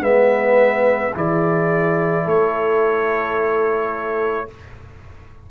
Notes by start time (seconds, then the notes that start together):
0.00 G#3 B3 B4 E5
1.15 E3 E4 G#4 D5
2.25 A3 A4 C#5